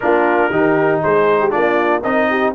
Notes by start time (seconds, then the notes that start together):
0.00 A#3 D4 F4 A#4
0.50 D#3 D#4 G4
1.03 G#3 G#4 C5
1.40 G4
1.50 A#3 D4 F4 D5
2.03 C4 D#4 A#4 D#5
2.29 G4